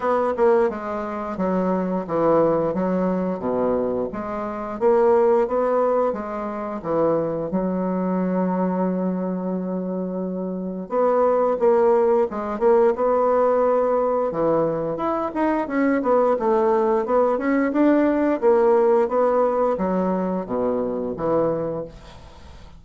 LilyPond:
\new Staff \with { instrumentName = "bassoon" } { \time 4/4 \tempo 4 = 88 b8 ais8 gis4 fis4 e4 | fis4 b,4 gis4 ais4 | b4 gis4 e4 fis4~ | fis1 |
b4 ais4 gis8 ais8 b4~ | b4 e4 e'8 dis'8 cis'8 b8 | a4 b8 cis'8 d'4 ais4 | b4 fis4 b,4 e4 | }